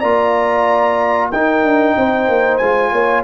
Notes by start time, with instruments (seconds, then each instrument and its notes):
0.00 tuba A#3, trombone F4, horn D5, trumpet A#5
1.31 tuba D#4, trombone D#4, horn A#4, trumpet G5
1.64 tuba D4
1.97 tuba C4, horn C5
2.28 tuba A#3
2.58 tuba G#3, trombone F4, trumpet G#5
2.92 tuba A#3, horn C#5